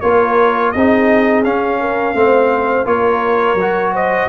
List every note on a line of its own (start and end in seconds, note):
0.00 0.74 A#3
0.00 0.74 F4
0.00 0.72 A#4
0.00 0.71 C#5
0.71 1.44 C4
0.71 1.44 D#4
0.71 1.80 G#4
0.71 1.43 D#5
1.44 2.14 C#4
1.44 2.15 C#4
1.44 2.86 F5
1.80 2.15 A#4
2.14 2.85 A3
2.14 2.85 C4
2.14 2.86 C5
2.85 3.54 A#3
2.85 3.56 F4
2.85 3.93 A#4
2.85 3.93 C#5
3.54 4.26 F#3
3.61 4.29 F#4
3.93 4.29 C5
3.93 4.29 D#5